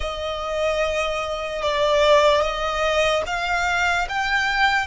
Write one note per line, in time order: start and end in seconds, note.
0.00 1.62 D#5
1.62 2.41 D5
2.41 3.22 D#5
3.26 4.07 F5
4.08 4.86 G5